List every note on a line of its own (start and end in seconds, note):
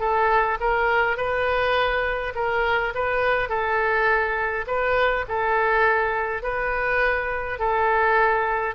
0.00 0.58 A4
0.60 1.17 A#4
1.17 2.34 B4
2.35 2.93 A#4
2.95 3.49 B4
3.49 4.66 A4
4.67 5.25 B4
5.29 6.43 A4
6.43 7.59 B4
7.59 8.75 A4